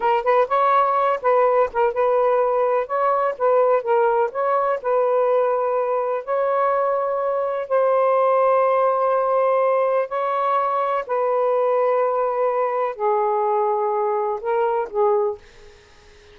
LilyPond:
\new Staff \with { instrumentName = "saxophone" } { \time 4/4 \tempo 4 = 125 ais'8 b'8 cis''4. b'4 ais'8 | b'2 cis''4 b'4 | ais'4 cis''4 b'2~ | b'4 cis''2. |
c''1~ | c''4 cis''2 b'4~ | b'2. gis'4~ | gis'2 ais'4 gis'4 | }